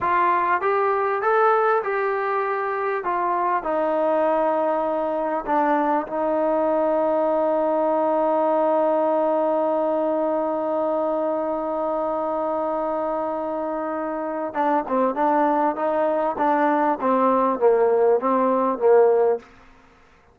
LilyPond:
\new Staff \with { instrumentName = "trombone" } { \time 4/4 \tempo 4 = 99 f'4 g'4 a'4 g'4~ | g'4 f'4 dis'2~ | dis'4 d'4 dis'2~ | dis'1~ |
dis'1~ | dis'1 | d'8 c'8 d'4 dis'4 d'4 | c'4 ais4 c'4 ais4 | }